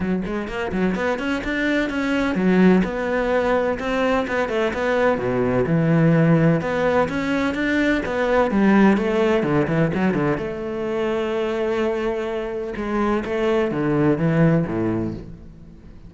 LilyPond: \new Staff \with { instrumentName = "cello" } { \time 4/4 \tempo 4 = 127 fis8 gis8 ais8 fis8 b8 cis'8 d'4 | cis'4 fis4 b2 | c'4 b8 a8 b4 b,4 | e2 b4 cis'4 |
d'4 b4 g4 a4 | d8 e8 fis8 d8 a2~ | a2. gis4 | a4 d4 e4 a,4 | }